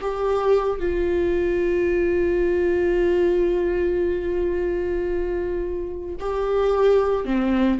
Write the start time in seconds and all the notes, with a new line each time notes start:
0.00 G4
0.79 F4
6.19 G4
7.25 C4